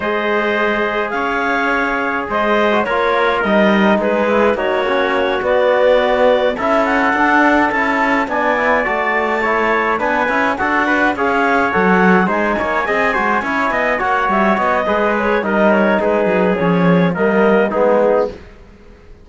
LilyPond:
<<
  \new Staff \with { instrumentName = "clarinet" } { \time 4/4 \tempo 4 = 105 dis''2 f''2 | dis''4 cis''4 dis''4 b'4 | cis''4. d''2 e''8 | fis''4. a''4 gis''4 a''8~ |
a''4. gis''4 fis''4 f''8~ | f''8 fis''4 gis''2~ gis''8~ | gis''8 fis''8 e''8 dis''4 cis''8 dis''8 cis''8 | b'4 cis''4 dis''4 gis'4 | }
  \new Staff \with { instrumentName = "trumpet" } { \time 4/4 c''2 cis''2 | c''4 ais'2 gis'4 | fis'2.~ fis'8 a'8~ | a'2~ a'8 d''4.~ |
d''8 cis''4 b'4 a'8 b'8 cis''8~ | cis''4. c''8 cis''8 dis''8 c''8 cis''8 | dis''8 cis''4. b'4 ais'4 | gis'2 ais'4 dis'4 | }
  \new Staff \with { instrumentName = "trombone" } { \time 4/4 gis'1~ | gis'8. fis'16 f'4 dis'4. e'8 | dis'8 cis'4 b2 e'8~ | e'8 d'4 e'4 d'8 e'8 fis'8~ |
fis'8 e'4 d'8 e'8 fis'4 gis'8~ | gis'8 a'4 dis'4 gis'8 fis'8 e'8~ | e'8 fis'4. gis'4 dis'4~ | dis'4 cis'4 ais4 b4 | }
  \new Staff \with { instrumentName = "cello" } { \time 4/4 gis2 cis'2 | gis4 ais4 g4 gis4 | ais4. b2 cis'8~ | cis'8 d'4 cis'4 b4 a8~ |
a4. b8 cis'8 d'4 cis'8~ | cis'8 fis4 gis8 ais8 c'8 gis8 cis'8 | b8 ais8 g8 b8 gis4 g4 | gis8 fis8 f4 g4 gis4 | }
>>